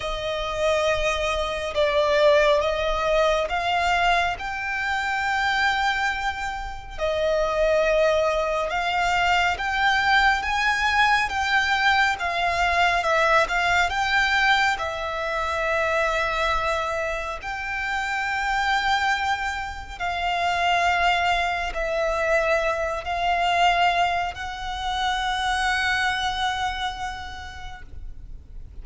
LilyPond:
\new Staff \with { instrumentName = "violin" } { \time 4/4 \tempo 4 = 69 dis''2 d''4 dis''4 | f''4 g''2. | dis''2 f''4 g''4 | gis''4 g''4 f''4 e''8 f''8 |
g''4 e''2. | g''2. f''4~ | f''4 e''4. f''4. | fis''1 | }